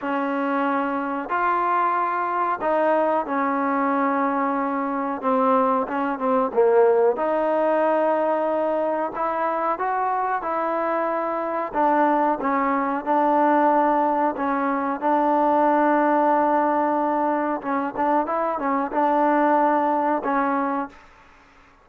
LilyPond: \new Staff \with { instrumentName = "trombone" } { \time 4/4 \tempo 4 = 92 cis'2 f'2 | dis'4 cis'2. | c'4 cis'8 c'8 ais4 dis'4~ | dis'2 e'4 fis'4 |
e'2 d'4 cis'4 | d'2 cis'4 d'4~ | d'2. cis'8 d'8 | e'8 cis'8 d'2 cis'4 | }